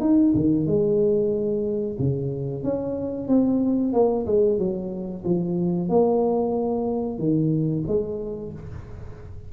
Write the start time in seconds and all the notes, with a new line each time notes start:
0.00 D#4
0.35 D#3
0.66 G#3
1.99 C#3
2.63 C#4
3.28 C4
3.93 A#3
4.26 G#3
4.59 F#3
5.24 F3
5.89 A#3
7.18 D#3
7.87 G#3